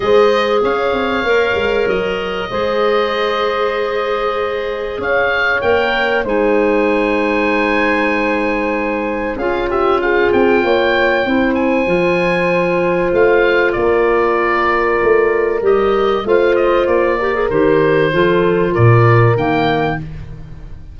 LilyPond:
<<
  \new Staff \with { instrumentName = "oboe" } { \time 4/4 \tempo 4 = 96 dis''4 f''2 dis''4~ | dis''1 | f''4 g''4 gis''2~ | gis''2. f''8 e''8 |
f''8 g''2 gis''4.~ | gis''4 f''4 d''2~ | d''4 dis''4 f''8 dis''8 d''4 | c''2 d''4 g''4 | }
  \new Staff \with { instrumentName = "horn" } { \time 4/4 c''4 cis''2. | c''1 | cis''2 c''2~ | c''2. gis'8 g'8 |
gis'4 cis''4 c''2~ | c''2 ais'2~ | ais'2 c''4. ais'8~ | ais'4 a'4 ais'2 | }
  \new Staff \with { instrumentName = "clarinet" } { \time 4/4 gis'2 ais'2 | gis'1~ | gis'4 ais'4 dis'2~ | dis'2. f'4~ |
f'2 e'4 f'4~ | f'1~ | f'4 g'4 f'4. g'16 gis'16 | g'4 f'2 ais4 | }
  \new Staff \with { instrumentName = "tuba" } { \time 4/4 gis4 cis'8 c'8 ais8 gis8 fis4 | gis1 | cis'4 ais4 gis2~ | gis2. cis'4~ |
cis'8 c'8 ais4 c'4 f4~ | f4 a4 ais2 | a4 g4 a4 ais4 | dis4 f4 ais,4 dis4 | }
>>